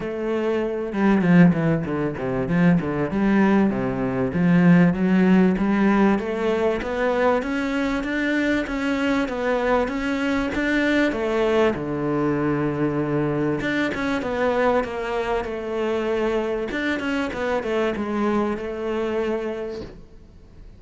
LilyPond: \new Staff \with { instrumentName = "cello" } { \time 4/4 \tempo 4 = 97 a4. g8 f8 e8 d8 c8 | f8 d8 g4 c4 f4 | fis4 g4 a4 b4 | cis'4 d'4 cis'4 b4 |
cis'4 d'4 a4 d4~ | d2 d'8 cis'8 b4 | ais4 a2 d'8 cis'8 | b8 a8 gis4 a2 | }